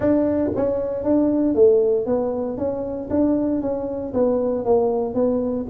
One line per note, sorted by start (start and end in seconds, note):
0.00 0.50 D4
0.55 1.03 C#4
1.03 1.54 D4
1.54 2.05 A3
2.05 2.57 B3
2.57 3.09 C#4
3.10 3.61 D4
3.61 4.13 C#4
4.13 4.65 B3
4.65 5.14 A#3
5.14 5.66 B3